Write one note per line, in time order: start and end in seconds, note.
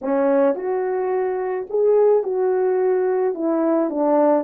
0.01 0.55 C#4
0.55 1.66 F#4
1.69 2.23 G#4
2.23 3.34 F#4
3.34 3.90 E4
3.90 4.43 D4